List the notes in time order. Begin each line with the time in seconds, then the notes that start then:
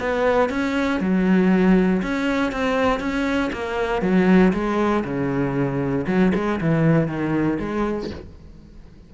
0.00 B3
0.50 C#4
1.01 F#3
2.03 C#4
2.52 C4
3.00 C#4
3.53 A#3
4.02 F#3
4.53 G#3
5.05 C#3
6.07 F#3
6.35 G#3
6.61 E3
7.08 D#3
7.60 G#3